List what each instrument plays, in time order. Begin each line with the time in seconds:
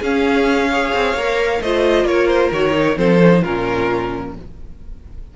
0.00 cello C#4, viola C#4, violin G#4 F5
0.70 viola G#4, violin C#5
0.94 cello C4
1.14 cello A#3, viola A#4
1.61 cello A3, viola F4, violin C5 D#5
2.04 cello A#3, violin A#4 C#5
2.28 violin C5
2.52 cello D#3, viola F#4, violin C#5
2.71 viola D#4
2.96 cello F3, viola C4, violin A4 C5
3.22 viola C#4
3.32 viola D#4
3.42 cello A#2, viola C#4, violin F4 A#4